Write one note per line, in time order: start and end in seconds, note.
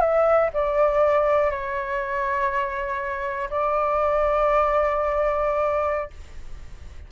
0.00 0.50 E5
0.53 1.50 D5
1.50 3.49 C#5
3.50 6.10 D5